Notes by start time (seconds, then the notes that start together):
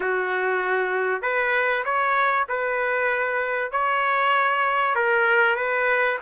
0.00 F#4
1.22 B4
1.84 C#5
2.48 B4
3.71 C#5
4.95 A#4
5.56 B4